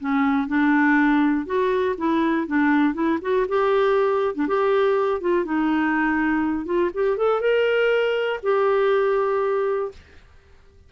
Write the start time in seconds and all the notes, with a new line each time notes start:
0.00 C#4
0.48 D4
1.46 F#4
1.98 E4
2.47 D4
2.94 E4
3.22 F#4
3.48 G4
4.35 D4
4.48 G4
5.21 F4
5.45 D#4
6.66 F4
6.94 G4
7.17 A4
7.41 A#4
8.43 G4